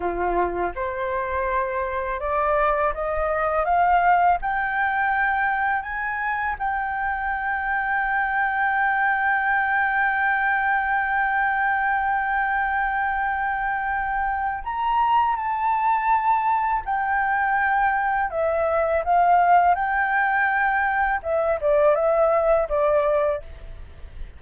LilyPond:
\new Staff \with { instrumentName = "flute" } { \time 4/4 \tempo 4 = 82 f'4 c''2 d''4 | dis''4 f''4 g''2 | gis''4 g''2.~ | g''1~ |
g''1 | ais''4 a''2 g''4~ | g''4 e''4 f''4 g''4~ | g''4 e''8 d''8 e''4 d''4 | }